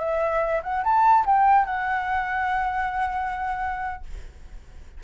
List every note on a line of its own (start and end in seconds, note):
0.00 0.62 E5
0.63 0.84 F#5
0.84 1.26 A5
1.26 1.66 G5
1.66 4.04 F#5